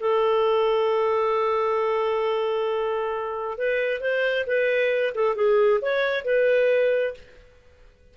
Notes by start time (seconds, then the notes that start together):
0.00 A4
3.58 B4
4.01 C5
4.47 B4
5.15 A4
5.36 G#4
5.82 C#5
6.25 B4